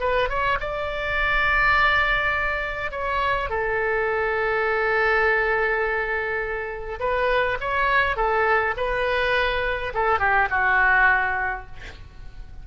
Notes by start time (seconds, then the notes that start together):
0.00 B4
0.29 C#5
0.60 D5
2.91 C#5
3.50 A4
7.00 B4
7.60 C#5
8.16 A4
8.77 B4
9.94 A4
10.19 G4
10.50 F#4